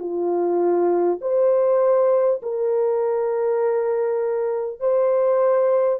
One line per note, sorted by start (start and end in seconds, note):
0.00 1.20 F4
1.22 2.42 C5
2.43 4.81 A#4
4.81 6.00 C5